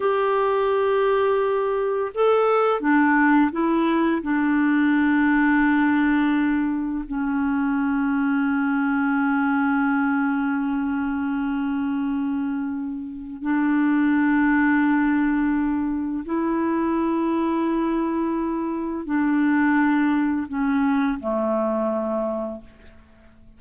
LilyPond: \new Staff \with { instrumentName = "clarinet" } { \time 4/4 \tempo 4 = 85 g'2. a'4 | d'4 e'4 d'2~ | d'2 cis'2~ | cis'1~ |
cis'2. d'4~ | d'2. e'4~ | e'2. d'4~ | d'4 cis'4 a2 | }